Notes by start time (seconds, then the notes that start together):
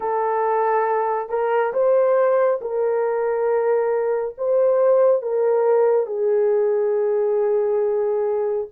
0.00 A4
1.29 A#4
1.73 C5
2.61 A#4
4.37 C5
5.22 A#4
6.06 G#4